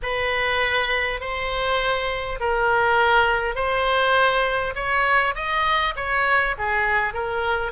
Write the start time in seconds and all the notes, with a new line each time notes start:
0.02 B4
1.20 C5
2.40 A#4
3.55 C5
4.75 C#5
5.35 D#5
5.96 C#5
6.58 G#4
7.13 A#4